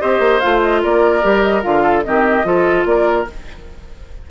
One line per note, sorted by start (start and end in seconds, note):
0.00 0.19 C4
0.00 0.41 G4
0.00 0.82 C5
0.00 0.40 D#5
0.19 0.39 A#3
0.40 0.84 A3
0.40 1.22 F4
0.40 0.60 F5
0.62 0.82 D#5
0.83 1.24 A#3
0.83 1.82 A#4
0.83 1.42 D5
1.22 1.64 G3
1.22 1.62 G4
1.42 1.62 D#5
1.62 2.05 D3
1.62 2.03 F4
1.62 2.03 F5
1.82 2.03 A4
2.03 2.44 D#3
2.03 2.44 C4
2.03 2.46 G4
2.03 2.85 D#5
2.44 2.84 F3
2.44 3.25 F4
2.44 2.87 A4
2.85 3.26 A#3
2.85 3.30 A#4
2.85 3.27 D5